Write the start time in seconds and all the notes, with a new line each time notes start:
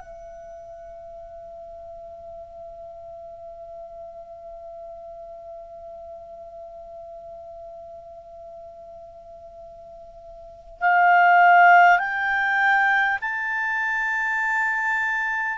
0.00 E5
10.81 F5
11.99 G5
13.22 A5